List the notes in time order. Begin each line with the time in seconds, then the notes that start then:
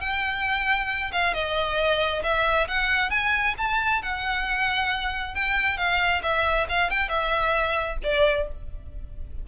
0.00 G5
1.12 F5
1.34 D#5
2.23 E5
2.67 F#5
3.10 G#5
3.58 A5
4.02 F#5
5.35 G5
5.77 F5
6.22 E5
6.69 F5
6.90 G5
7.08 E5
8.03 D5